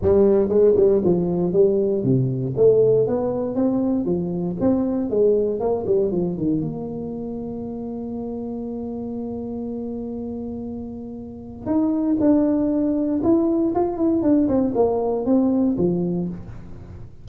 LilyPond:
\new Staff \with { instrumentName = "tuba" } { \time 4/4 \tempo 4 = 118 g4 gis8 g8 f4 g4 | c4 a4 b4 c'4 | f4 c'4 gis4 ais8 g8 | f8 dis8 ais2.~ |
ais1~ | ais2. dis'4 | d'2 e'4 f'8 e'8 | d'8 c'8 ais4 c'4 f4 | }